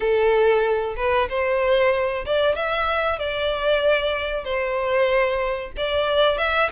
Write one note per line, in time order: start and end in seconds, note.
0.00 0.95 A4
0.96 1.28 B4
1.29 2.25 C5
2.25 2.55 D5
2.55 3.18 E5
3.18 4.44 D5
4.44 5.72 C5
5.76 6.37 D5
6.37 6.69 E5